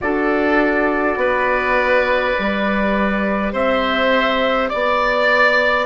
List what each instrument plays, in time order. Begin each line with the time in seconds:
0.01 bassoon D4, horn F#4, oboe A4, trumpet D5
1.16 bassoon B3, oboe B4
2.36 bassoon G3, horn G4
3.52 bassoon C4, oboe C5, trumpet E5
4.69 bassoon B3, trumpet D5, oboe D5